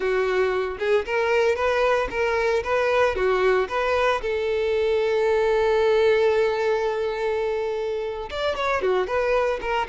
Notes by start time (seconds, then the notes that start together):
0.00 F#4
0.78 G#4
1.05 A#4
1.55 B4
2.10 A#4
2.63 B4
3.15 F#4
3.68 B4
4.21 A4
8.30 D5
8.56 C#5
8.82 F#4
9.07 B4
9.61 A#4